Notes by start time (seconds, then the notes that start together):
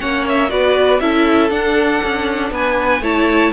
0.00 A#3 C#4 C#5 F#5
0.29 E5
0.49 B3 F#4 B4 D5
1.00 C#4 E4 A4 E5
1.50 D4 F#5
2.04 C#4
2.51 B3 B4 G#5
3.01 A3 E4 C#5 A5